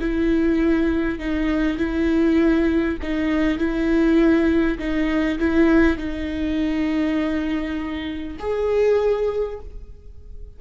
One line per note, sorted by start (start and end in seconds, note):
0.00 1.19 E4
1.19 1.77 D#4
1.77 2.97 E4
3.02 3.58 D#4
3.58 4.78 E4
4.78 5.38 D#4
5.39 5.97 E4
5.97 8.37 D#4
8.39 9.59 G#4